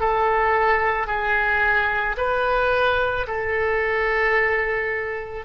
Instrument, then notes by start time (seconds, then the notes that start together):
oboe
0.00 A4
1.07 G#4
2.17 B4
3.27 A4